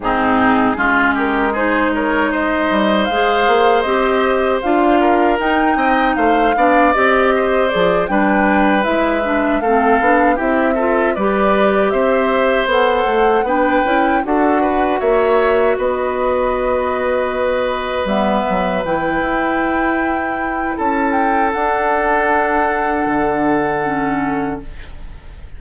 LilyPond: <<
  \new Staff \with { instrumentName = "flute" } { \time 4/4 \tempo 4 = 78 gis'4. ais'8 c''8 cis''8 dis''4 | f''4 dis''4 f''4 g''4 | f''4 dis''4 d''8 g''4 e''8~ | e''8 f''4 e''4 d''4 e''8~ |
e''8 fis''4 g''4 fis''4 e''8~ | e''8 dis''2. e''8~ | e''8 g''2~ g''8 a''8 g''8 | fis''1 | }
  \new Staff \with { instrumentName = "oboe" } { \time 4/4 dis'4 f'8 g'8 gis'8 ais'8 c''4~ | c''2~ c''8 ais'4 dis''8 | c''8 d''4 c''4 b'4.~ | b'8 a'4 g'8 a'8 b'4 c''8~ |
c''4. b'4 a'8 b'8 cis''8~ | cis''8 b'2.~ b'8~ | b'2. a'4~ | a'1 | }
  \new Staff \with { instrumentName = "clarinet" } { \time 4/4 c'4 cis'4 dis'2 | gis'4 g'4 f'4 dis'4~ | dis'8 d'8 g'4 gis'8 d'4 e'8 | d'8 c'8 d'8 e'8 f'8 g'4.~ |
g'8 a'4 d'8 e'8 fis'4.~ | fis'2.~ fis'8 b8~ | b8 e'2.~ e'8 | d'2. cis'4 | }
  \new Staff \with { instrumentName = "bassoon" } { \time 4/4 gis,4 gis2~ gis8 g8 | gis8 ais8 c'4 d'4 dis'8 c'8 | a8 b8 c'4 f8 g4 gis8~ | gis8 a8 b8 c'4 g4 c'8~ |
c'8 b8 a8 b8 cis'8 d'4 ais8~ | ais8 b2. g8 | fis8 e8 e'2 cis'4 | d'2 d2 | }
>>